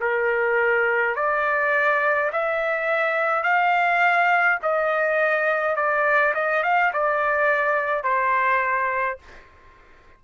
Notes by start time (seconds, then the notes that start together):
0.00 A#4
1.15 D5
2.32 E5
3.43 F5
4.62 D#5
5.76 D5
6.34 D#5
6.63 F5
6.93 D5
8.03 C5